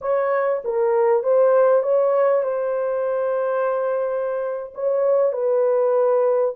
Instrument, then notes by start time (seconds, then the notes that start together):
horn
0.01 C#5
0.64 A#4
1.23 C5
1.83 C#5
2.43 C5
4.74 C#5
5.32 B4